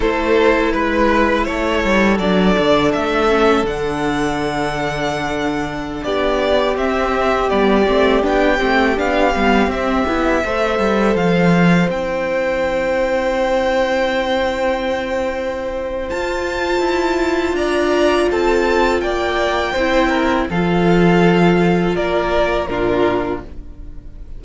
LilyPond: <<
  \new Staff \with { instrumentName = "violin" } { \time 4/4 \tempo 4 = 82 c''4 b'4 cis''4 d''4 | e''4 fis''2.~ | fis''16 d''4 e''4 d''4 g''8.~ | g''16 f''4 e''2 f''8.~ |
f''16 g''2.~ g''8.~ | g''2 a''2 | ais''4 a''4 g''2 | f''2 d''4 ais'4 | }
  \new Staff \with { instrumentName = "violin" } { \time 4/4 a'4 b'4 a'2~ | a'1~ | a'16 g'2.~ g'8.~ | g'2~ g'16 c''4.~ c''16~ |
c''1~ | c''1 | d''4 a'4 d''4 c''8 ais'8 | a'2 ais'4 f'4 | }
  \new Staff \with { instrumentName = "viola" } { \time 4/4 e'2. d'4~ | d'8 cis'8 d'2.~ | d'4~ d'16 c'4 b8 c'8 d'8 c'16~ | c'16 d'8 b8 c'8 e'8 a'4.~ a'16~ |
a'16 e'2.~ e'8.~ | e'2 f'2~ | f'2. e'4 | f'2. d'4 | }
  \new Staff \with { instrumentName = "cello" } { \time 4/4 a4 gis4 a8 g8 fis8 d8 | a4 d2.~ | d16 b4 c'4 g8 a8 b8 a16~ | a16 b8 g8 c'8 b8 a8 g8 f8.~ |
f16 c'2.~ c'8.~ | c'2 f'4 e'4 | d'4 c'4 ais4 c'4 | f2 ais4 ais,4 | }
>>